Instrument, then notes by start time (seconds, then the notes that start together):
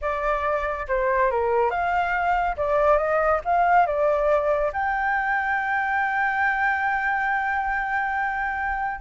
flute
0.01 D5
0.87 C5
1.30 A#4
1.70 F5
2.57 D5
2.97 D#5
3.44 F5
3.86 D5
4.72 G5